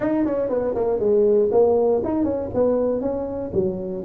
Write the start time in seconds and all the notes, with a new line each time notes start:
0.00 D#4
0.25 C#4
0.49 B3
0.74 A#3
0.99 G#3
1.51 A#3
2.04 D#4
2.23 C#4
2.53 B3
3.00 C#4
3.53 F#3